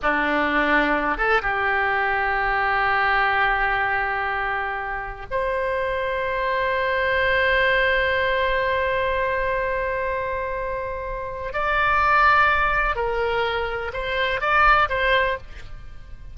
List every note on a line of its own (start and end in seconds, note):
0.02 1.17 D4
1.17 1.41 A4
1.42 5.26 G4
5.30 11.53 C5
11.53 12.95 D5
12.95 13.91 A#4
13.93 14.40 C5
14.40 14.88 D5
14.89 15.37 C5